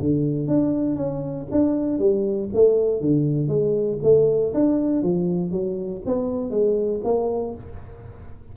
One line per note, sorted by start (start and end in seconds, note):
0.00 0.47 D3
0.47 0.96 D4
0.96 1.46 C#4
1.51 1.99 D4
1.99 2.49 G3
2.53 3.01 A3
3.01 3.48 D3
3.48 3.98 G#3
4.03 4.53 A3
4.54 5.03 D4
5.03 5.51 F3
5.51 6.02 F#3
6.06 6.50 B3
6.50 7.01 G#3
7.04 7.54 A#3